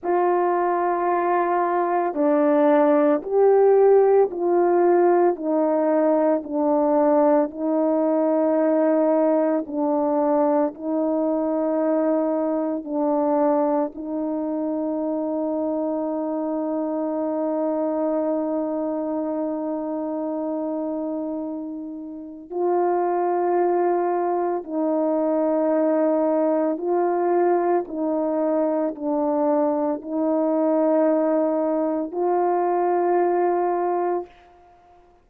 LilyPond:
\new Staff \with { instrumentName = "horn" } { \time 4/4 \tempo 4 = 56 f'2 d'4 g'4 | f'4 dis'4 d'4 dis'4~ | dis'4 d'4 dis'2 | d'4 dis'2.~ |
dis'1~ | dis'4 f'2 dis'4~ | dis'4 f'4 dis'4 d'4 | dis'2 f'2 | }